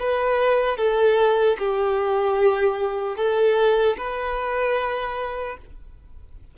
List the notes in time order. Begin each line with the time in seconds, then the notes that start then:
0.00 B4
0.77 A4
1.59 G4
3.17 A4
3.98 B4